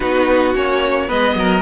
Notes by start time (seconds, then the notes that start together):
0.00 B3 D#4 F#4 B4
0.54 A#3 C#4 C#5
1.07 G#3 B3 B4 D#5
1.35 F#3 A#4